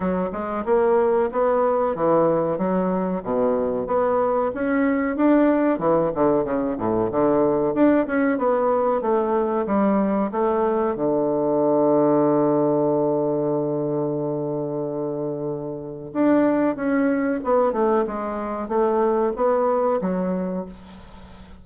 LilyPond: \new Staff \with { instrumentName = "bassoon" } { \time 4/4 \tempo 4 = 93 fis8 gis8 ais4 b4 e4 | fis4 b,4 b4 cis'4 | d'4 e8 d8 cis8 a,8 d4 | d'8 cis'8 b4 a4 g4 |
a4 d2.~ | d1~ | d4 d'4 cis'4 b8 a8 | gis4 a4 b4 fis4 | }